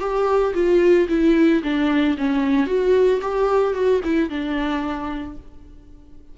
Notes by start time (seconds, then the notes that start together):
0.00 G4
0.54 F4
1.09 E4
1.63 D4
2.17 C#4
2.66 F#4
3.21 G4
3.74 F#4
4.04 E4
4.30 D4